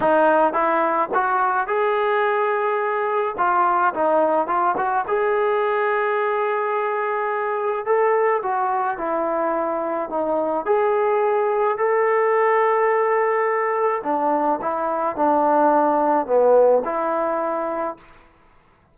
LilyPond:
\new Staff \with { instrumentName = "trombone" } { \time 4/4 \tempo 4 = 107 dis'4 e'4 fis'4 gis'4~ | gis'2 f'4 dis'4 | f'8 fis'8 gis'2.~ | gis'2 a'4 fis'4 |
e'2 dis'4 gis'4~ | gis'4 a'2.~ | a'4 d'4 e'4 d'4~ | d'4 b4 e'2 | }